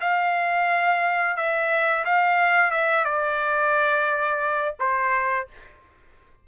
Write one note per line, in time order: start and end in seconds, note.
0.00 1.36 F5
1.36 2.04 E5
2.05 2.71 F5
2.71 3.04 E5
3.04 4.75 D5
4.79 5.47 C5